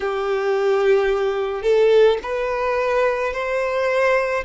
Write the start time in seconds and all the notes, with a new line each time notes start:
0.00 G4
1.62 A4
2.22 B4
3.33 C5